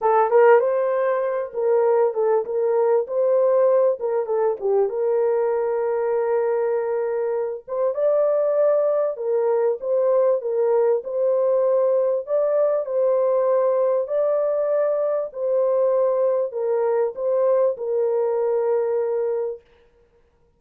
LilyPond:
\new Staff \with { instrumentName = "horn" } { \time 4/4 \tempo 4 = 98 a'8 ais'8 c''4. ais'4 a'8 | ais'4 c''4. ais'8 a'8 g'8 | ais'1~ | ais'8 c''8 d''2 ais'4 |
c''4 ais'4 c''2 | d''4 c''2 d''4~ | d''4 c''2 ais'4 | c''4 ais'2. | }